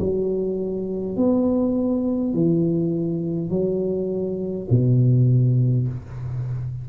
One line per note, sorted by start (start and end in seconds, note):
0.00 1.17 F#3
1.17 2.34 B3
2.34 3.50 E3
3.50 4.67 F#3
4.71 5.88 B2